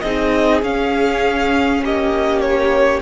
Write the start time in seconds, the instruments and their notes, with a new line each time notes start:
0.00 cello C4, viola D#4, violin G#4 D#5
0.62 cello C#4, viola C#4, violin F5
1.83 cello A#3, violin G4 D#5
2.41 violin C#5